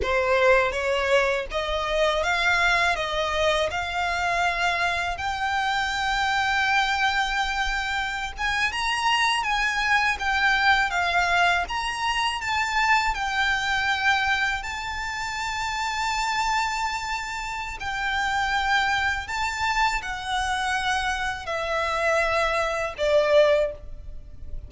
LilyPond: \new Staff \with { instrumentName = "violin" } { \time 4/4 \tempo 4 = 81 c''4 cis''4 dis''4 f''4 | dis''4 f''2 g''4~ | g''2.~ g''16 gis''8 ais''16~ | ais''8. gis''4 g''4 f''4 ais''16~ |
ais''8. a''4 g''2 a''16~ | a''1 | g''2 a''4 fis''4~ | fis''4 e''2 d''4 | }